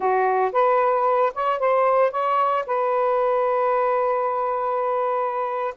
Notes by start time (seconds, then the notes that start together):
0.00 F#4
0.52 B4
1.34 C#5
1.59 C5
2.11 C#5
2.66 B4